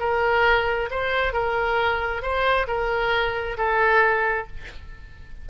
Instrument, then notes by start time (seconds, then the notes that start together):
oboe
0.00 A#4
0.91 C5
1.33 A#4
2.22 C5
2.68 A#4
3.58 A4